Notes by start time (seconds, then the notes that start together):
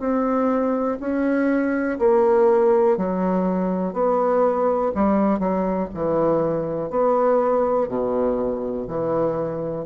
0.00 C4
1.01 C#4
1.99 A#3
2.97 F#3
3.93 B3
4.95 G3
5.40 F#3
5.94 E3
6.91 B3
7.89 B2
8.88 E3